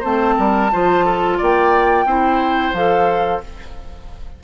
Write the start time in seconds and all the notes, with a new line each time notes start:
0.00 A3 C4 C5 A5
0.37 G3 A#4
0.72 F3 F4 C5
1.05 A4
1.37 A#3 D5 G5
2.05 C4 E4 C5
2.73 F3 A4 F5